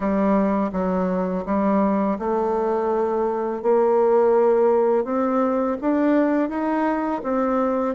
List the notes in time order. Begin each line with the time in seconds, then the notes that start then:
0.00 G3
0.72 F#3
1.45 G3
2.18 A3
3.62 A#3
5.04 C4
5.81 D4
6.49 D#4
7.23 C4